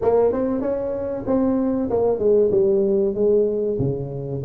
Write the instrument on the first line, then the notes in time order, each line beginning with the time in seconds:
tuba
0.01 A#3
0.32 C4
0.61 C#4
1.26 C4
1.89 A#3
2.18 G#3
2.51 G3
3.14 G#3
3.79 C#3